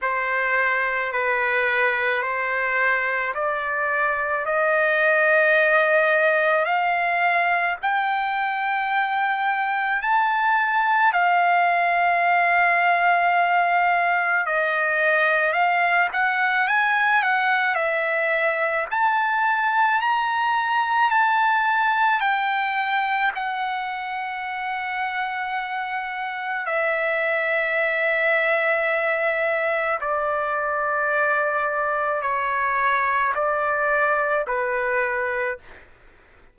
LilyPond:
\new Staff \with { instrumentName = "trumpet" } { \time 4/4 \tempo 4 = 54 c''4 b'4 c''4 d''4 | dis''2 f''4 g''4~ | g''4 a''4 f''2~ | f''4 dis''4 f''8 fis''8 gis''8 fis''8 |
e''4 a''4 ais''4 a''4 | g''4 fis''2. | e''2. d''4~ | d''4 cis''4 d''4 b'4 | }